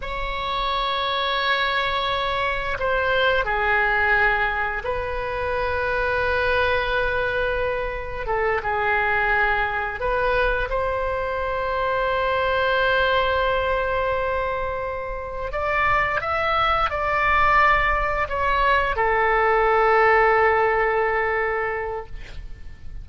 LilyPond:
\new Staff \with { instrumentName = "oboe" } { \time 4/4 \tempo 4 = 87 cis''1 | c''4 gis'2 b'4~ | b'1 | a'8 gis'2 b'4 c''8~ |
c''1~ | c''2~ c''8 d''4 e''8~ | e''8 d''2 cis''4 a'8~ | a'1 | }